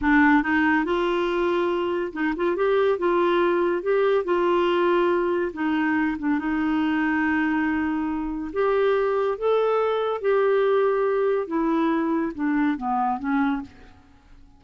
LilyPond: \new Staff \with { instrumentName = "clarinet" } { \time 4/4 \tempo 4 = 141 d'4 dis'4 f'2~ | f'4 dis'8 f'8 g'4 f'4~ | f'4 g'4 f'2~ | f'4 dis'4. d'8 dis'4~ |
dis'1 | g'2 a'2 | g'2. e'4~ | e'4 d'4 b4 cis'4 | }